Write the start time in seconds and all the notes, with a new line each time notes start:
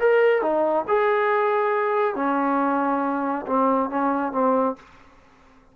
0.00 A#4
0.42 D#4
0.88 G#4
2.16 C#4
3.47 C4
3.90 C#4
4.33 C4